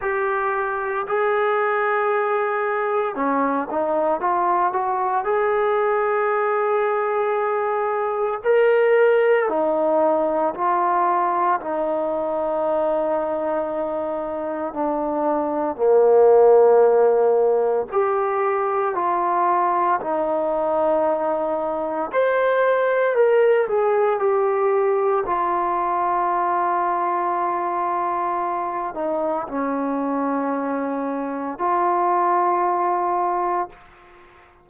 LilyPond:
\new Staff \with { instrumentName = "trombone" } { \time 4/4 \tempo 4 = 57 g'4 gis'2 cis'8 dis'8 | f'8 fis'8 gis'2. | ais'4 dis'4 f'4 dis'4~ | dis'2 d'4 ais4~ |
ais4 g'4 f'4 dis'4~ | dis'4 c''4 ais'8 gis'8 g'4 | f'2.~ f'8 dis'8 | cis'2 f'2 | }